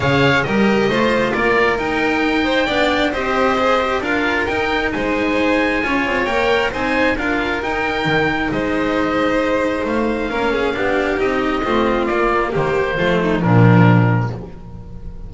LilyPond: <<
  \new Staff \with { instrumentName = "oboe" } { \time 4/4 \tempo 4 = 134 f''4 dis''2 d''4 | g''2. dis''4~ | dis''4 f''4 g''4 gis''4~ | gis''2 g''4 gis''4 |
f''4 g''2 dis''4~ | dis''2 f''2~ | f''4 dis''2 d''4 | c''2 ais'2 | }
  \new Staff \with { instrumentName = "violin" } { \time 4/4 cis''4 ais'4 c''4 ais'4~ | ais'4. c''8 d''4 c''4~ | c''4 ais'2 c''4~ | c''4 cis''2 c''4 |
ais'2. c''4~ | c''2. ais'8 gis'8 | g'2 f'2 | g'4 f'8 dis'8 d'2 | }
  \new Staff \with { instrumentName = "cello" } { \time 4/4 gis'4 g'4 f'2 | dis'2 d'4 g'4 | gis'8 g'8 f'4 dis'2~ | dis'4 f'4 ais'4 dis'4 |
f'4 dis'2.~ | dis'2. cis'4 | d'4 dis'4 c'4 ais4~ | ais4 a4 f2 | }
  \new Staff \with { instrumentName = "double bass" } { \time 4/4 cis4 g4 a4 ais4 | dis'2 b4 c'4~ | c'4 d'4 dis'4 gis4~ | gis4 cis'8 c'8 ais4 c'4 |
d'4 dis'4 dis4 gis4~ | gis2 a4 ais4 | b4 c'4 a4 ais4 | dis4 f4 ais,2 | }
>>